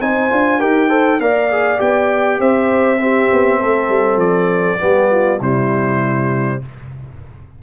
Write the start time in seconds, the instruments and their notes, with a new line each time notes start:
0.00 tuba C4, trombone D#4, horn C5, trumpet G#5
0.29 tuba D4, trombone F4
0.59 tuba D#4, trombone G4, horn A#4, trumpet G5
0.88 trombone A4, horn C5
1.19 tuba A#3, trombone A#4, horn D5, trumpet F5
1.50 trombone G#4
1.77 tuba B3, trombone G4, trumpet G5
2.39 tuba C4, horn C5, trumpet E5
2.98 trombone C4, horn G4
3.32 tuba B3
3.59 tuba A3, horn A4
3.88 tuba G3
4.16 tuba F3, trumpet D5
4.78 tuba G3, trombone B3, horn G4
5.11 horn F4
5.39 tuba C3, trombone G3, horn E4, trumpet C5